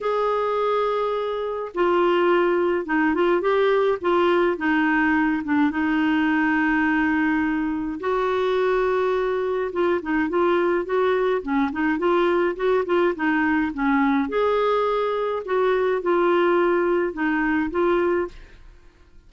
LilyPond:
\new Staff \with { instrumentName = "clarinet" } { \time 4/4 \tempo 4 = 105 gis'2. f'4~ | f'4 dis'8 f'8 g'4 f'4 | dis'4. d'8 dis'2~ | dis'2 fis'2~ |
fis'4 f'8 dis'8 f'4 fis'4 | cis'8 dis'8 f'4 fis'8 f'8 dis'4 | cis'4 gis'2 fis'4 | f'2 dis'4 f'4 | }